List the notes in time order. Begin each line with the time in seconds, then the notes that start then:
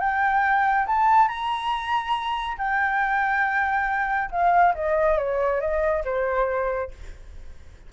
0.00 G5
0.87 A5
1.28 A#5
2.58 G5
4.31 F5
4.75 D#5
5.18 C#5
5.61 D#5
6.05 C5